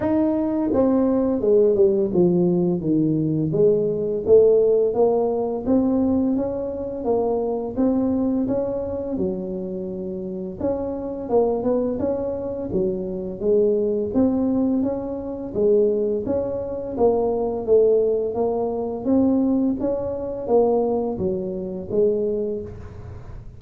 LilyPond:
\new Staff \with { instrumentName = "tuba" } { \time 4/4 \tempo 4 = 85 dis'4 c'4 gis8 g8 f4 | dis4 gis4 a4 ais4 | c'4 cis'4 ais4 c'4 | cis'4 fis2 cis'4 |
ais8 b8 cis'4 fis4 gis4 | c'4 cis'4 gis4 cis'4 | ais4 a4 ais4 c'4 | cis'4 ais4 fis4 gis4 | }